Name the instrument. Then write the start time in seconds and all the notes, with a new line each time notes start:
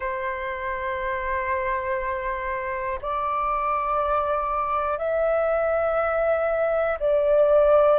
flute
0.00 C5
3.01 D5
4.98 E5
6.99 D5